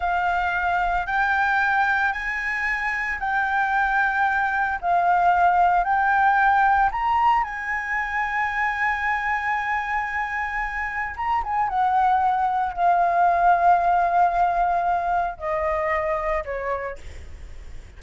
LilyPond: \new Staff \with { instrumentName = "flute" } { \time 4/4 \tempo 4 = 113 f''2 g''2 | gis''2 g''2~ | g''4 f''2 g''4~ | g''4 ais''4 gis''2~ |
gis''1~ | gis''4 ais''8 gis''8 fis''2 | f''1~ | f''4 dis''2 cis''4 | }